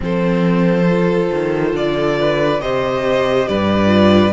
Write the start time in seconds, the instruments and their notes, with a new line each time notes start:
0.00 cello F3, viola C4, violin A4 C5
0.86 viola F4
1.32 cello D#3
1.73 cello D3, violin D5
2.19 violin B4
2.60 cello C3, viola G4, violin C5 D#5
3.47 cello G2, violin B4 D5
3.87 viola F4